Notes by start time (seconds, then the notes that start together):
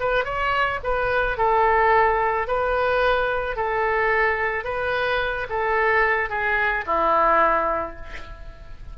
0.00 B4
0.25 C#5
0.84 B4
1.38 A4
2.48 B4
3.57 A4
4.65 B4
5.49 A4
6.30 G#4
6.86 E4